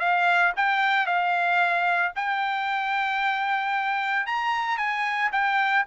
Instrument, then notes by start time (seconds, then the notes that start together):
trumpet
0.00 F5
0.56 G5
1.07 F5
2.16 G5
4.27 A#5
4.78 G#5
5.32 G5